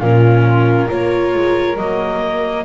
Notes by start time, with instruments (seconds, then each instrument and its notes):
0.00 double bass A#2, viola C#4, flute F4, clarinet A#4
0.87 double bass A#3, viola F4, flute A#4, clarinet C#5
1.35 double bass G#3
1.77 double bass F#3, viola A#3, clarinet D#5